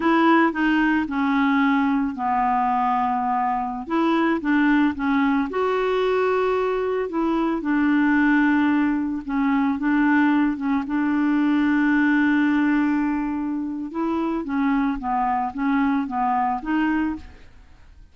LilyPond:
\new Staff \with { instrumentName = "clarinet" } { \time 4/4 \tempo 4 = 112 e'4 dis'4 cis'2 | b2.~ b16 e'8.~ | e'16 d'4 cis'4 fis'4.~ fis'16~ | fis'4~ fis'16 e'4 d'4.~ d'16~ |
d'4~ d'16 cis'4 d'4. cis'16~ | cis'16 d'2.~ d'8.~ | d'2 e'4 cis'4 | b4 cis'4 b4 dis'4 | }